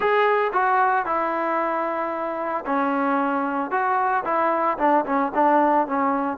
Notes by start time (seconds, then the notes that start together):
0.00 G#4
0.53 F#4
1.05 E4
2.66 C#4
3.70 F#4
4.24 E4
4.78 D4
5.05 C#4
5.34 D4
5.87 C#4